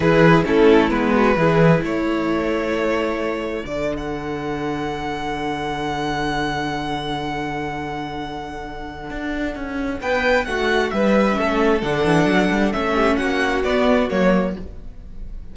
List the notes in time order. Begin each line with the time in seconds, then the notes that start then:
0.00 E3 E4 G#4 B4
0.44 A3 C#4 E4 A4
0.90 G#3 B3 B4
1.14 F#4
1.36 E3 E4 G#4
1.82 A3 A4 C#5
3.63 D3 D4 D5
3.97 F#5
9.10 D4
9.55 C#4
10.01 B3 B4 G5
10.45 A3 F#4 F#5
10.90 G3 B4 E5
11.33 C#4 A4
11.39 A3
11.81 D3 D4 F#5
12.04 E3
12.25 F#3
12.51 G3
12.72 A3 C#4 E5
12.93 G4
13.16 A#3 F#4 F#5
13.63 B3 D5
14.09 F#3 A#3 C#5